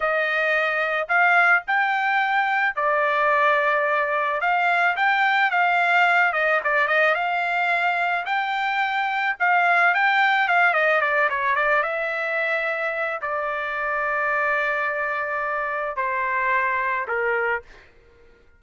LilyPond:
\new Staff \with { instrumentName = "trumpet" } { \time 4/4 \tempo 4 = 109 dis''2 f''4 g''4~ | g''4 d''2. | f''4 g''4 f''4. dis''8 | d''8 dis''8 f''2 g''4~ |
g''4 f''4 g''4 f''8 dis''8 | d''8 cis''8 d''8 e''2~ e''8 | d''1~ | d''4 c''2 ais'4 | }